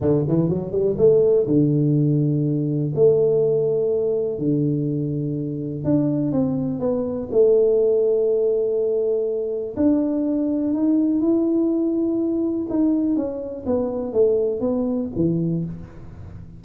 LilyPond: \new Staff \with { instrumentName = "tuba" } { \time 4/4 \tempo 4 = 123 d8 e8 fis8 g8 a4 d4~ | d2 a2~ | a4 d2. | d'4 c'4 b4 a4~ |
a1 | d'2 dis'4 e'4~ | e'2 dis'4 cis'4 | b4 a4 b4 e4 | }